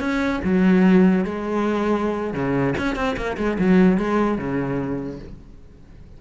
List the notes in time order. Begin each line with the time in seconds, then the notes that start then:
0.00 C#4
0.45 F#3
1.25 G#3
2.34 C#3
2.78 C#4
2.96 C4
3.17 A#3
3.38 G#3
3.59 F#3
3.98 G#3
4.39 C#3